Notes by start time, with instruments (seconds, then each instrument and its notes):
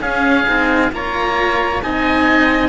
0.00 cello C#4, oboe G#4 F5
0.46 cello C4 D#4
0.91 cello A#3 F4, oboe C#5 A#5
1.82 cello C4 D#4, oboe D#5 G#5